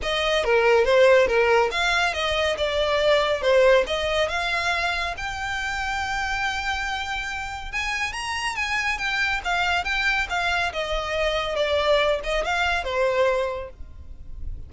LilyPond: \new Staff \with { instrumentName = "violin" } { \time 4/4 \tempo 4 = 140 dis''4 ais'4 c''4 ais'4 | f''4 dis''4 d''2 | c''4 dis''4 f''2 | g''1~ |
g''2 gis''4 ais''4 | gis''4 g''4 f''4 g''4 | f''4 dis''2 d''4~ | d''8 dis''8 f''4 c''2 | }